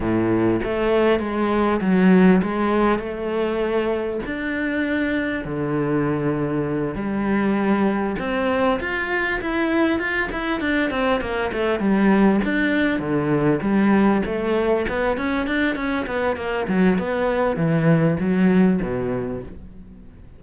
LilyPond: \new Staff \with { instrumentName = "cello" } { \time 4/4 \tempo 4 = 99 a,4 a4 gis4 fis4 | gis4 a2 d'4~ | d'4 d2~ d8 g8~ | g4. c'4 f'4 e'8~ |
e'8 f'8 e'8 d'8 c'8 ais8 a8 g8~ | g8 d'4 d4 g4 a8~ | a8 b8 cis'8 d'8 cis'8 b8 ais8 fis8 | b4 e4 fis4 b,4 | }